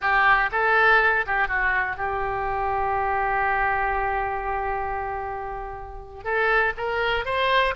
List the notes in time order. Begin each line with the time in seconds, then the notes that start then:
0.01 G4
0.51 A4
1.26 G4
1.48 F#4
1.96 G4
6.23 A4
6.77 A#4
7.25 C5